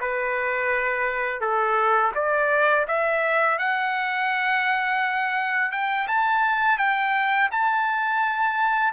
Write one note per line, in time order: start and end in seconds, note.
0.00 1.40 B4
1.40 2.12 A4
2.15 2.86 D5
2.87 3.58 E5
3.58 5.71 F#5
5.71 6.07 G5
6.07 6.78 A5
6.78 7.49 G5
7.51 8.93 A5